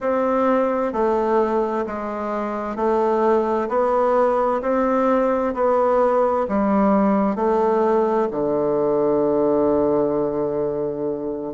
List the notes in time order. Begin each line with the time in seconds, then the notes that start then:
0.00 C4
0.92 A3
1.86 G#3
2.76 A3
3.68 B3
4.62 C4
5.54 B3
6.48 G3
7.35 A3
8.31 D3